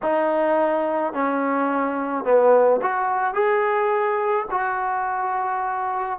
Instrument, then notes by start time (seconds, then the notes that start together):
trombone
0.02 D#4
1.13 C#4
2.24 B3
2.82 F#4
3.34 G#4
4.50 F#4